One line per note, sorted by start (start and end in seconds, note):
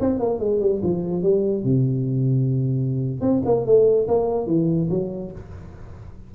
0.00 0.19 C4
0.19 0.39 A#3
0.39 0.60 G#3
0.60 0.81 G3
0.83 1.22 F3
1.22 1.64 G3
1.64 3.21 C3
3.21 3.42 C4
3.45 3.65 A#3
3.65 4.07 A3
4.08 4.46 A#3
4.46 4.88 E3
4.90 5.32 F#3